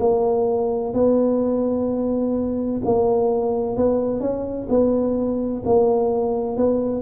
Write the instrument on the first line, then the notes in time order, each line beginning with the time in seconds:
tuba
0.00 A#3
0.94 B3
2.85 A#3
3.77 B3
4.21 C#4
4.69 B3
5.65 A#3
6.57 B3